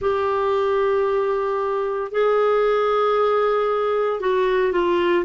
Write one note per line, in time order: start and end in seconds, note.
0.00 2.11 G4
2.11 4.20 G#4
4.20 4.72 F#4
4.72 5.24 F4